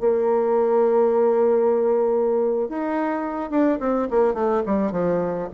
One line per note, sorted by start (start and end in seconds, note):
0.00 2.69 A#3
2.69 3.50 D#4
3.50 3.79 D4
3.80 4.08 C4
4.10 4.34 A#3
4.34 4.62 A3
4.66 4.92 G3
4.92 5.48 F3